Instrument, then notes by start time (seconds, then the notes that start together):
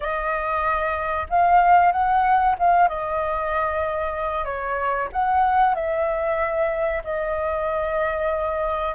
flute
0.00 D#5
1.29 F5
1.91 F#5
2.58 F5
2.88 D#5
4.44 C#5
5.12 F#5
5.74 E5
7.04 D#5